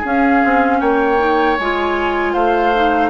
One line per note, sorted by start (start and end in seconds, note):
0.00 1.18 C#4
0.00 0.43 C#4
0.00 0.77 G#4
0.00 0.80 F5
0.44 0.81 C4
0.80 1.58 A#3
0.80 2.33 C#5
0.80 1.57 G5
1.18 1.57 D#4
1.58 2.34 G#3
1.58 2.74 F4
1.58 2.33 G#5
2.33 3.10 A3
2.33 3.10 C5
2.33 3.10 F5
2.74 3.10 D#4